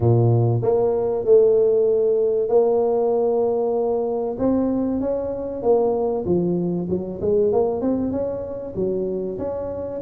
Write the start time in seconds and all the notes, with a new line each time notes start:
0.00 A#2
0.62 A#3
1.24 A3
2.48 A#3
4.38 C4
5.00 C#4
5.62 A#3
6.25 F3
6.89 F#3
7.21 G#3
7.52 A#3
7.81 C4
8.11 C#4
8.75 F#3
9.38 C#4